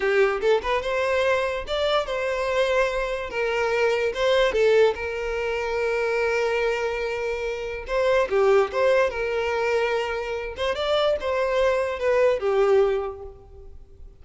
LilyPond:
\new Staff \with { instrumentName = "violin" } { \time 4/4 \tempo 4 = 145 g'4 a'8 b'8 c''2 | d''4 c''2. | ais'2 c''4 a'4 | ais'1~ |
ais'2. c''4 | g'4 c''4 ais'2~ | ais'4. c''8 d''4 c''4~ | c''4 b'4 g'2 | }